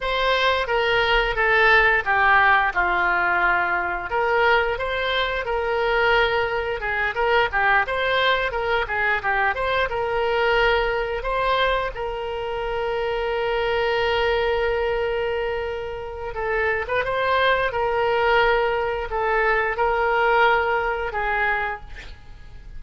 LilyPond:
\new Staff \with { instrumentName = "oboe" } { \time 4/4 \tempo 4 = 88 c''4 ais'4 a'4 g'4 | f'2 ais'4 c''4 | ais'2 gis'8 ais'8 g'8 c''8~ | c''8 ais'8 gis'8 g'8 c''8 ais'4.~ |
ais'8 c''4 ais'2~ ais'8~ | ais'1 | a'8. b'16 c''4 ais'2 | a'4 ais'2 gis'4 | }